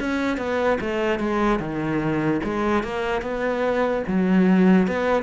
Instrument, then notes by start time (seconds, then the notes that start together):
cello
0.00 C#4
0.38 B3
0.80 A3
1.19 G#3
1.59 D#3
2.44 G#3
2.83 A#3
3.22 B3
4.07 F#3
4.87 B3